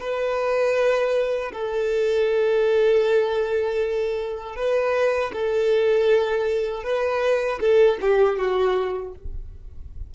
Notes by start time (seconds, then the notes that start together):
0.00 B4
1.52 A4
4.56 B4
5.32 A4
6.83 B4
7.60 A4
8.01 G4
8.38 F#4